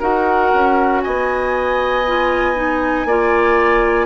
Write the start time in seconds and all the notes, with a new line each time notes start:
0.00 D#4 F#4 A#4 F#5
0.54 C#4
1.02 B3 D#5 G#5
2.07 F4
2.55 D#4
3.05 A#3 F4 D5